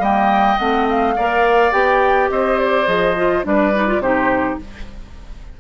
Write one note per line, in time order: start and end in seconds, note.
0.00 0.57 G3
0.00 0.58 A#3
0.00 1.15 D#5
0.00 0.59 G5
0.59 1.17 A3
0.59 1.16 C4
0.59 0.87 F#5
0.90 1.73 F5
1.16 1.73 A#3
1.16 1.72 A#4
1.16 2.30 D5
1.72 2.30 B3
1.72 2.86 G4
1.72 2.30 G5
2.30 2.87 C4
2.30 3.46 C5
2.30 2.59 D#5
2.59 2.87 D5
2.86 3.45 F3
2.86 3.15 G#4
2.86 3.44 D#5
3.17 3.44 F4
3.44 3.99 G3
3.44 3.72 D4
3.44 4.03 B4
3.44 4.02 D5
3.75 3.87 D#4
3.87 4.02 F4
3.99 4.56 C3
3.99 4.60 D#4
3.99 4.60 G4
3.99 4.59 C5